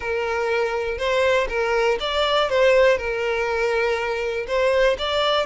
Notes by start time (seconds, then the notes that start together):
0.00 A#4
0.98 C5
1.49 A#4
2.00 D5
2.49 C5
2.97 A#4
4.47 C5
4.98 D5